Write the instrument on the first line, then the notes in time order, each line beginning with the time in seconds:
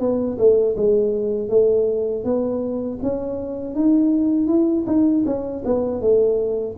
tuba
0.00 B3
0.38 A3
0.76 G#3
1.49 A3
2.24 B3
3.03 C#4
3.75 D#4
4.47 E4
4.87 D#4
5.26 C#4
5.65 B3
6.01 A3